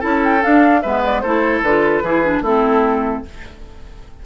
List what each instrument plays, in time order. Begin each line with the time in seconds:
0.00 bassoon C#4, clarinet E4, oboe A4, flute A5
0.24 flute G5
0.42 clarinet D4, bassoon D4, flute F5
0.82 bassoon G#3, clarinet B3, oboe B4, flute E5
1.05 flute D5
1.20 bassoon A3, clarinet E4, oboe A4, flute C5
1.63 bassoon D3, clarinet F4, flute B4
2.03 bassoon E3, clarinet E4, oboe G#4
2.24 clarinet D4
2.42 bassoon A3, clarinet C4, oboe E4, flute A4